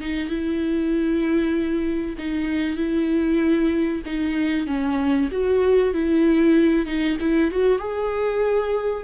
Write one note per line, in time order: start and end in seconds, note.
0.00 0.29 D#4
0.29 2.16 E4
2.18 2.77 D#4
2.77 4.02 E4
4.05 4.66 D#4
4.66 5.29 C#4
5.31 5.93 F#4
5.93 6.86 E4
6.86 7.17 D#4
7.20 7.51 E4
7.51 7.79 F#4
7.79 9.03 G#4